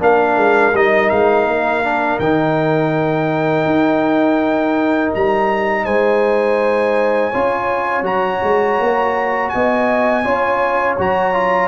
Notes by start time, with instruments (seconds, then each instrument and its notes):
0.00 tuba A#3, trombone D4, horn A#4, trumpet F5
0.37 tuba G#3
0.74 tuba G3, trombone D#4, trumpet D#5
1.10 tuba G#3, trumpet F5
1.45 tuba A#3
1.84 trombone D4
2.19 tuba D#3, trombone D#4, trumpet G5
3.66 tuba D#4
5.15 tuba G3, trumpet A#5
5.85 tuba G#3, horn C5, trumpet G#5
7.31 tuba C#4, trombone F4, horn C#5
8.03 tuba F#3, trombone F#4, trumpet A#5
8.43 tuba G#3
8.80 tuba A#3
9.49 tuba B3, horn D#5, trumpet G#5
10.24 tuba C#4, trombone F4, horn C#5
10.99 tuba F#3, trombone F#4, trumpet A#5
11.34 trombone F4